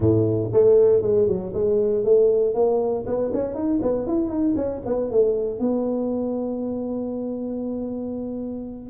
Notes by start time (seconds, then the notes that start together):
0.00 A2
0.52 A3
1.02 G#3
1.27 F#3
1.53 G#3
2.04 A3
2.54 A#3
3.06 B3
3.33 C#4
3.54 D#4
3.81 B3
4.06 E4
4.29 D#4
4.56 C#4
4.85 B3
5.10 A3
5.59 B3